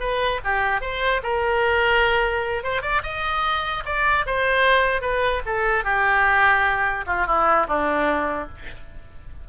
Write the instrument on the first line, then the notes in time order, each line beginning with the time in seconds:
oboe
0.00 B4
0.44 G4
0.81 C5
1.23 A#4
2.64 C5
2.82 D5
3.03 D#5
3.85 D5
4.26 C5
5.02 B4
5.46 A4
5.84 G4
7.07 F4
7.26 E4
7.68 D4